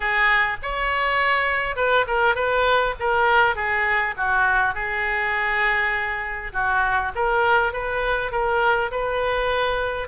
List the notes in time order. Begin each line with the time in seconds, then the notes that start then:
0.00 G#4
0.62 C#5
1.76 B4
2.07 A#4
2.35 B4
2.99 A#4
3.55 G#4
4.17 F#4
4.74 G#4
6.52 F#4
7.15 A#4
7.72 B4
8.31 A#4
8.91 B4